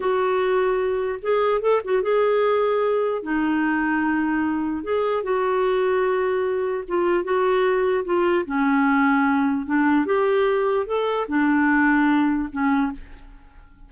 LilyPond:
\new Staff \with { instrumentName = "clarinet" } { \time 4/4 \tempo 4 = 149 fis'2. gis'4 | a'8 fis'8 gis'2. | dis'1 | gis'4 fis'2.~ |
fis'4 f'4 fis'2 | f'4 cis'2. | d'4 g'2 a'4 | d'2. cis'4 | }